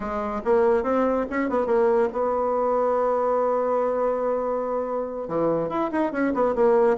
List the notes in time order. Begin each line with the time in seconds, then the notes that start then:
0.00 G#3
0.44 A#3
0.83 C4
1.29 C#4
1.49 B3
1.66 A#3
2.12 B3
5.28 E3
5.69 E4
5.91 D#4
6.12 C#4
6.33 B3
6.55 A#3